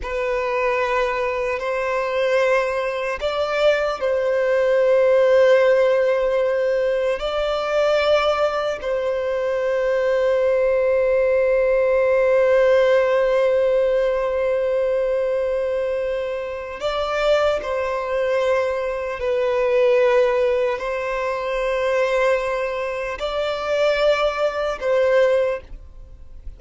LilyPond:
\new Staff \with { instrumentName = "violin" } { \time 4/4 \tempo 4 = 75 b'2 c''2 | d''4 c''2.~ | c''4 d''2 c''4~ | c''1~ |
c''1~ | c''4 d''4 c''2 | b'2 c''2~ | c''4 d''2 c''4 | }